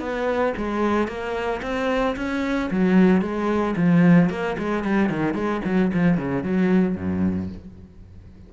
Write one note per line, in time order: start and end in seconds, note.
0.00 0.54 B3
0.57 1.08 G#3
1.08 1.61 A#3
1.63 2.16 C4
2.16 2.70 C#4
2.71 3.22 F#3
3.22 3.75 G#3
3.76 4.30 F3
4.30 4.57 A#3
4.59 4.84 G#3
4.84 5.10 G3
5.10 5.35 D#3
5.35 5.62 G#3
5.65 5.92 F#3
5.94 6.18 F3
6.18 6.44 C#3
6.44 6.96 F#3
6.96 7.50 F#2